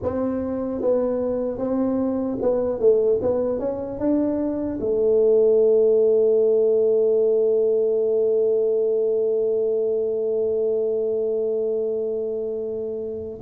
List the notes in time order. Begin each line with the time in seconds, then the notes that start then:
0.02 C4
0.81 B3
1.58 C4
2.41 B3
2.79 A3
3.21 B3
3.59 C#4
3.99 D4
4.80 A3